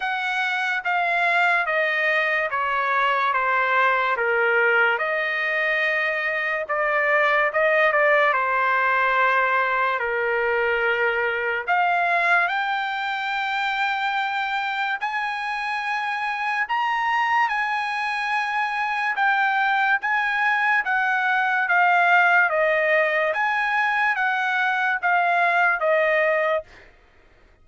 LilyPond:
\new Staff \with { instrumentName = "trumpet" } { \time 4/4 \tempo 4 = 72 fis''4 f''4 dis''4 cis''4 | c''4 ais'4 dis''2 | d''4 dis''8 d''8 c''2 | ais'2 f''4 g''4~ |
g''2 gis''2 | ais''4 gis''2 g''4 | gis''4 fis''4 f''4 dis''4 | gis''4 fis''4 f''4 dis''4 | }